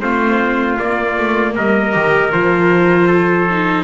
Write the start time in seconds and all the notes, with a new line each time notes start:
0.00 A3 C4 F4 C5
0.79 A#3 D5
1.17 A3
1.55 G3 A#4 D#5
1.92 D#3 G4
2.32 F3 F4 C5
3.07 A4
3.50 D#4